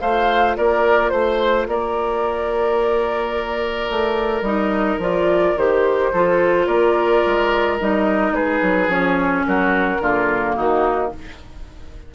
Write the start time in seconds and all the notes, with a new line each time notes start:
0.00 A3 F4 C5 F5
0.56 A#3 A#4 D5
1.09 A3 C5
1.67 A#3 A#4 D5
3.90 A3
4.41 G3 D#4 D#5
4.98 F3 F4 D5
5.56 D#3 G4 C5
6.12 F3 F4 A4
6.66 A#3 A#4 D5
7.26 G#3
7.80 G3 D#4 D#5
8.31 G#3 G#4 B4
8.62 F#3
8.87 F3 C#4 C#5
9.46 F#3 F#4 A#4
10.00 D3 A#3 F4
10.53 D#3 D#4 F#4